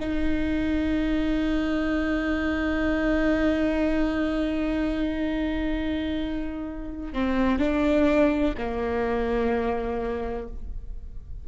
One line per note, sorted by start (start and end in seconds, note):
0.00 7.13 D#4
7.13 7.59 C4
7.59 8.54 D4
8.58 10.48 A#3